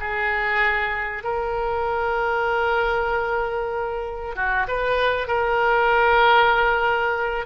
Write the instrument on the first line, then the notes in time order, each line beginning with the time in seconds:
oboe
0.00 G#4
1.24 A#4
4.36 F#4
4.67 B4
5.27 A#4